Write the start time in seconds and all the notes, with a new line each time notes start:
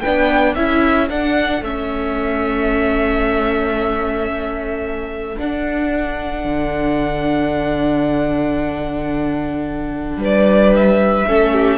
0.00 D4 B4 G5
0.07 B3
0.55 C#4 E4 A4 E5
1.10 D4 F#5
1.61 A3 C#4 E5
5.37 D4 F#5
6.45 D3
10.17 G3 B4
10.24 D5
10.76 E5
11.27 A3 C#4 A4
11.53 G4